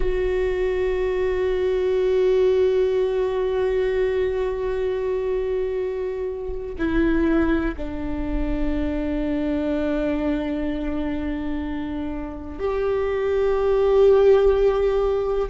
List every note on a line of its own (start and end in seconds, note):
0.00 6.75 F#4
6.78 7.75 E4
7.76 12.59 D4
12.59 15.49 G4